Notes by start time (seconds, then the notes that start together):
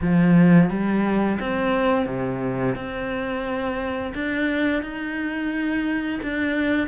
0.01 F3
0.69 G3
1.39 C4
2.06 C3
2.75 C4
4.14 D4
4.82 D#4
6.22 D4